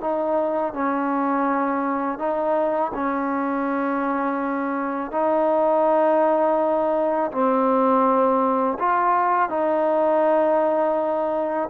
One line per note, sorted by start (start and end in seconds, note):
0.00 0.73 D#4
0.73 2.18 C#4
2.18 2.91 D#4
2.94 5.11 C#4
5.11 7.31 D#4
7.31 8.77 C4
8.78 9.49 F4
9.49 11.68 D#4